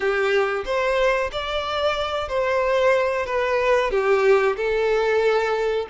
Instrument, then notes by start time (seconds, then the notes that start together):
violin
0.00 G4
0.65 C5
1.32 D5
2.28 C5
3.25 B4
3.90 G4
4.56 A4